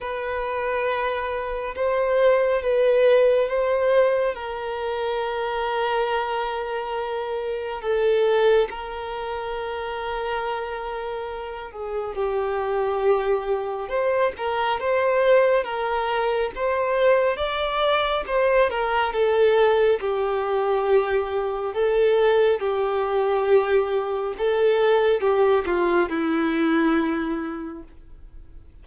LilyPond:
\new Staff \with { instrumentName = "violin" } { \time 4/4 \tempo 4 = 69 b'2 c''4 b'4 | c''4 ais'2.~ | ais'4 a'4 ais'2~ | ais'4. gis'8 g'2 |
c''8 ais'8 c''4 ais'4 c''4 | d''4 c''8 ais'8 a'4 g'4~ | g'4 a'4 g'2 | a'4 g'8 f'8 e'2 | }